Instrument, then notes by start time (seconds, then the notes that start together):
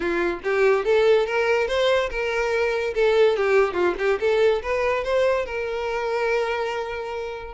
violin
0.00 F4
0.43 G4
0.84 A4
1.26 A#4
1.67 C5
2.10 A#4
2.94 A4
3.36 G4
3.73 F4
3.98 G4
4.20 A4
4.62 B4
5.04 C5
5.45 A#4